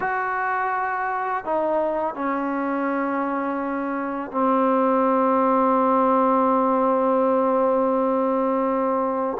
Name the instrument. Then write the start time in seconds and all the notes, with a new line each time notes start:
trombone
0.00 F#4
1.45 D#4
2.14 C#4
4.31 C4